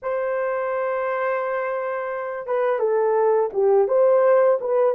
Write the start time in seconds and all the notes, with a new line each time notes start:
0.02 C5
2.46 B4
2.79 A4
3.53 G4
3.88 C5
4.60 B4